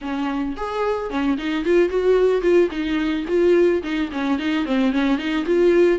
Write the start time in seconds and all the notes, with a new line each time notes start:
0.01 C#4
0.57 G#4
1.09 C#4
1.37 D#4
1.65 F4
1.89 F#4
2.41 F4
2.70 D#4
3.27 F4
3.82 D#4
4.12 C#4
4.39 D#4
4.65 C4
4.91 C#4
5.17 D#4
5.45 F4